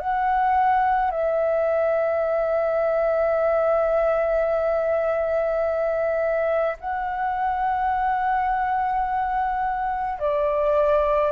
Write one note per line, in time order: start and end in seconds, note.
0.00 1.11 F#5
1.11 6.77 E5
6.80 10.19 F#5
10.19 11.32 D5